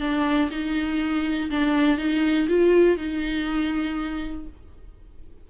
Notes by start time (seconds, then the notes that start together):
0.00 D4
0.51 D#4
1.50 D4
1.98 D#4
2.48 F4
2.97 D#4